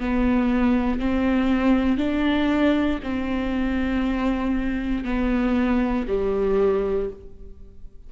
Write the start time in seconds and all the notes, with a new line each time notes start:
0.00 B3
1.00 C4
1.98 D4
3.03 C4
5.05 B3
6.08 G3